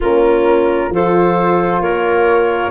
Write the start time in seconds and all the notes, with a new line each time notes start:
0.00 A#3 C#4 F4 A#4
0.90 F3 F4 A4 C5
1.80 A#3 A#4 C#5